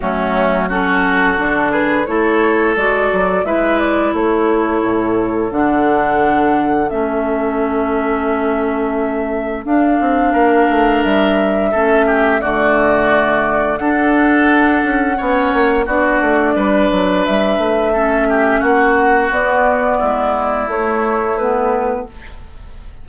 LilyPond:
<<
  \new Staff \with { instrumentName = "flute" } { \time 4/4 \tempo 4 = 87 fis'4 a'4. b'8 cis''4 | d''4 e''8 d''8 cis''2 | fis''2 e''2~ | e''2 f''2 |
e''2 d''2 | fis''2. d''4~ | d''4 e''2 fis''4 | d''2 cis''4 b'4 | }
  \new Staff \with { instrumentName = "oboe" } { \time 4/4 cis'4 fis'4. gis'8 a'4~ | a'4 b'4 a'2~ | a'1~ | a'2. ais'4~ |
ais'4 a'8 g'8 fis'2 | a'2 cis''4 fis'4 | b'2 a'8 g'8 fis'4~ | fis'4 e'2. | }
  \new Staff \with { instrumentName = "clarinet" } { \time 4/4 a4 cis'4 d'4 e'4 | fis'4 e'2. | d'2 cis'2~ | cis'2 d'2~ |
d'4 cis'4 a2 | d'2 cis'4 d'4~ | d'2 cis'2 | b2 a4 b4 | }
  \new Staff \with { instrumentName = "bassoon" } { \time 4/4 fis2 d4 a4 | gis8 fis8 gis4 a4 a,4 | d2 a2~ | a2 d'8 c'8 ais8 a8 |
g4 a4 d2 | d'4. cis'8 b8 ais8 b8 a8 | g8 fis8 g8 a4. ais4 | b4 gis4 a2 | }
>>